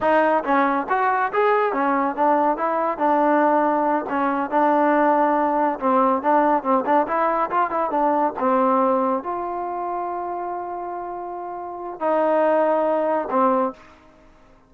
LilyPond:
\new Staff \with { instrumentName = "trombone" } { \time 4/4 \tempo 4 = 140 dis'4 cis'4 fis'4 gis'4 | cis'4 d'4 e'4 d'4~ | d'4. cis'4 d'4.~ | d'4. c'4 d'4 c'8 |
d'8 e'4 f'8 e'8 d'4 c'8~ | c'4. f'2~ f'8~ | f'1 | dis'2. c'4 | }